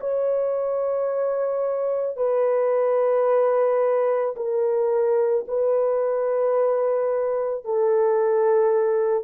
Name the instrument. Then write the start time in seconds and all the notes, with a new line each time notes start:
horn
0.00 C#5
2.16 B4
4.36 A#4
5.47 B4
7.64 A4